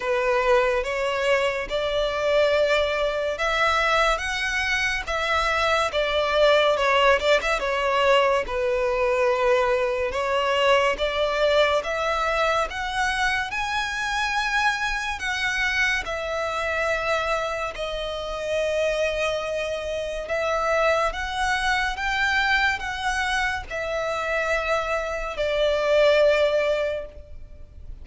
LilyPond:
\new Staff \with { instrumentName = "violin" } { \time 4/4 \tempo 4 = 71 b'4 cis''4 d''2 | e''4 fis''4 e''4 d''4 | cis''8 d''16 e''16 cis''4 b'2 | cis''4 d''4 e''4 fis''4 |
gis''2 fis''4 e''4~ | e''4 dis''2. | e''4 fis''4 g''4 fis''4 | e''2 d''2 | }